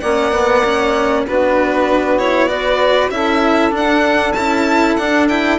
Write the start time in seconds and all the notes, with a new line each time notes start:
0.00 A#3 C#4 D5 F#5
0.32 B3
0.64 C#4
1.26 B3 D4 F#4 B4
2.18 E4 C#5
2.48 F#4 B4 D5
3.10 C#4 E4 A4 E5
3.71 D4
3.77 F#5
4.32 C#4 E4 A5
4.96 D4 F#5
5.28 E4 G5